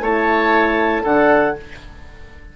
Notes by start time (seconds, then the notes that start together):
0.00 A3 E4 C#5 A5
1.03 D3 D4 A4 F#5